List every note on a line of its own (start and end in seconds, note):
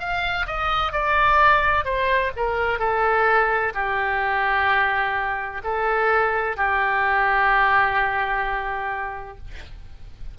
0.00 0.47 F5
0.47 0.93 D#5
0.93 1.85 D5
1.85 2.32 C5
2.37 2.80 A#4
2.80 3.73 A4
3.75 5.62 G4
5.65 6.57 A4
6.57 9.38 G4